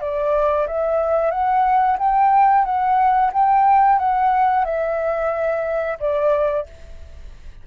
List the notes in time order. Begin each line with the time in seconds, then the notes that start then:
0.00 D5
0.67 E5
1.30 F#5
1.98 G5
2.64 F#5
3.33 G5
3.98 F#5
4.65 E5
5.99 D5